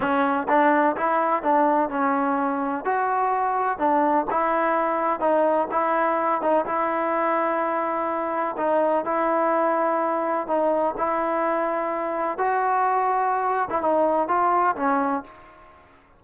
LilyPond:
\new Staff \with { instrumentName = "trombone" } { \time 4/4 \tempo 4 = 126 cis'4 d'4 e'4 d'4 | cis'2 fis'2 | d'4 e'2 dis'4 | e'4. dis'8 e'2~ |
e'2 dis'4 e'4~ | e'2 dis'4 e'4~ | e'2 fis'2~ | fis'8. e'16 dis'4 f'4 cis'4 | }